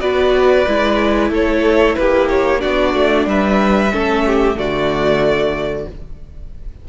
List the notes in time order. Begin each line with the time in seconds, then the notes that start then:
0.00 B3 F#4 B4 D5
0.67 G#3 E4
1.31 A3 A4 C#5
1.96 A#3 G4 B4
2.29 C#5
2.59 B3 D4 F#4 D5
2.94 A3
3.27 G3 B4 E5
3.93 A3 C#4 A4
4.26 G4
4.55 D3 A3 F#4 D5